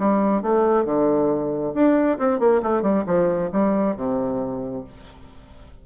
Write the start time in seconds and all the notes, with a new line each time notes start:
0.00 G3
0.43 A3
0.86 D3
1.75 D4
2.19 C4
2.40 A#3
2.63 A3
2.83 G3
3.07 F3
3.53 G3
3.97 C3